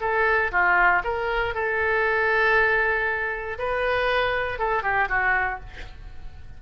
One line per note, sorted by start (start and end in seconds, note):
0.00 0.51 A4
0.51 1.02 F4
1.04 1.54 A#4
1.54 3.57 A4
3.58 4.59 B4
4.59 4.83 A4
4.83 5.08 G4
5.08 5.59 F#4